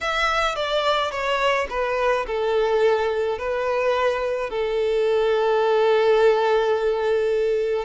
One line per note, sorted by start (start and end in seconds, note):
0.01 0.55 E5
0.55 1.11 D5
1.11 1.67 C#5
1.69 2.26 B4
2.26 3.38 A4
3.38 4.50 B4
4.50 7.84 A4